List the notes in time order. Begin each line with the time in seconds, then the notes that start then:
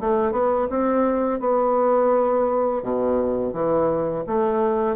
0.00 A3
0.32 B3
0.70 C4
1.40 B3
2.82 B2
3.53 E3
4.27 A3